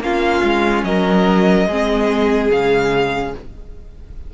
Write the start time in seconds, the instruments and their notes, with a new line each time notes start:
0.00 cello A#3, viola C#4, violin F4 F5
0.43 cello G#3
0.84 cello F#3, violin A#4 D#5
1.67 cello G#3, viola C4, violin G#4
2.51 cello C#3, viola G#3, violin F5